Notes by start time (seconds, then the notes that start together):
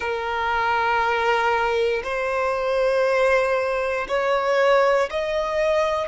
0.00 A#4
2.03 C5
4.08 C#5
5.10 D#5